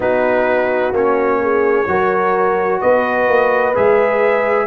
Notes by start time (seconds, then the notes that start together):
0.00 B3 D#4 F#4 B4
0.91 A#3 C#4 C#5
1.41 G#4
1.87 F#3 F#4 A#4
2.80 B3 B4 D#5
3.28 A#3
3.74 G#3 G#4 E5